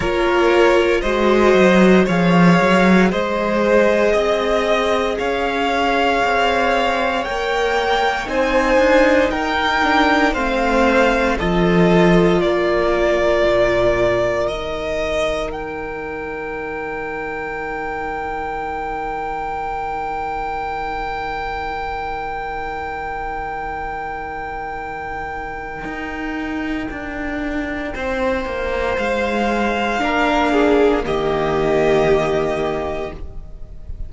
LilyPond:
<<
  \new Staff \with { instrumentName = "violin" } { \time 4/4 \tempo 4 = 58 cis''4 dis''4 f''4 dis''4~ | dis''4 f''2 g''4 | gis''4 g''4 f''4 dis''4 | d''2 dis''4 g''4~ |
g''1~ | g''1~ | g''1 | f''2 dis''2 | }
  \new Staff \with { instrumentName = "violin" } { \time 4/4 ais'4 c''4 cis''4 c''4 | dis''4 cis''2. | c''4 ais'4 c''4 a'4 | ais'1~ |
ais'1~ | ais'1~ | ais'2. c''4~ | c''4 ais'8 gis'8 g'2 | }
  \new Staff \with { instrumentName = "viola" } { \time 4/4 f'4 fis'4 gis'2~ | gis'2. ais'4 | dis'4. d'8 c'4 f'4~ | f'2 dis'2~ |
dis'1~ | dis'1~ | dis'1~ | dis'4 d'4 ais2 | }
  \new Staff \with { instrumentName = "cello" } { \time 4/4 ais4 gis8 fis8 f8 fis8 gis4 | c'4 cis'4 c'4 ais4 | c'8 d'8 dis'4 a4 f4 | ais4 ais,4 dis2~ |
dis1~ | dis1~ | dis4 dis'4 d'4 c'8 ais8 | gis4 ais4 dis2 | }
>>